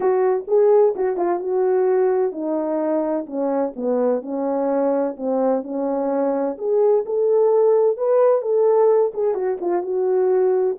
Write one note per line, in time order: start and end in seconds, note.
0.00 0.45 F#4
0.47 0.94 G#4
0.95 1.17 F#4
1.17 1.39 F4
1.39 2.32 F#4
2.32 3.26 D#4
3.26 3.73 C#4
3.76 4.21 B3
4.21 5.15 C#4
5.16 5.63 C4
5.63 6.57 C#4
6.58 7.04 G#4
7.05 7.97 A4
7.97 8.41 B4
8.41 9.12 A4
9.13 9.34 G#4
9.34 9.57 F#4
9.60 9.82 F4
9.82 10.76 F#4